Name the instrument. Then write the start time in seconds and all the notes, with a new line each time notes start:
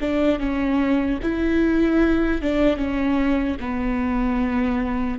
viola
0.00 D4
0.39 C#4
1.22 E4
2.41 D4
2.76 C#4
3.60 B3